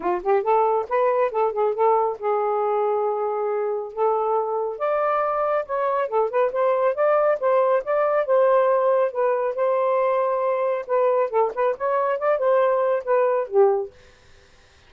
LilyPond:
\new Staff \with { instrumentName = "saxophone" } { \time 4/4 \tempo 4 = 138 f'8 g'8 a'4 b'4 a'8 gis'8 | a'4 gis'2.~ | gis'4 a'2 d''4~ | d''4 cis''4 a'8 b'8 c''4 |
d''4 c''4 d''4 c''4~ | c''4 b'4 c''2~ | c''4 b'4 a'8 b'8 cis''4 | d''8 c''4. b'4 g'4 | }